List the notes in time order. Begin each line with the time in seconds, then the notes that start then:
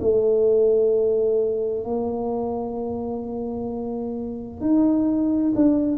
0.00 A3
1.84 A#3
4.60 D#4
5.55 D4